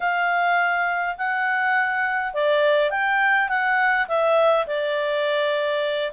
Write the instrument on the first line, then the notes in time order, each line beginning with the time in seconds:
clarinet
0.00 F5
1.17 F#5
2.33 D5
2.90 G5
3.48 F#5
4.08 E5
4.66 D5